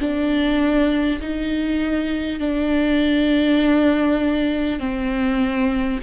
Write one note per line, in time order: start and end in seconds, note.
0.00 1.20 D4
1.20 2.39 D#4
2.39 4.79 D4
4.79 5.99 C4